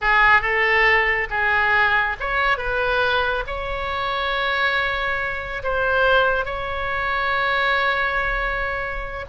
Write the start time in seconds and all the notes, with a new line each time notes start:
0.01 G#4
0.41 A4
1.30 G#4
2.20 C#5
2.57 B4
3.46 C#5
5.63 C5
6.45 C#5